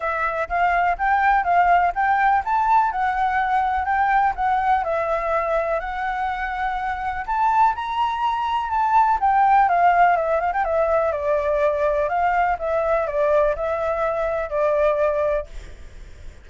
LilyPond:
\new Staff \with { instrumentName = "flute" } { \time 4/4 \tempo 4 = 124 e''4 f''4 g''4 f''4 | g''4 a''4 fis''2 | g''4 fis''4 e''2 | fis''2. a''4 |
ais''2 a''4 g''4 | f''4 e''8 f''16 g''16 e''4 d''4~ | d''4 f''4 e''4 d''4 | e''2 d''2 | }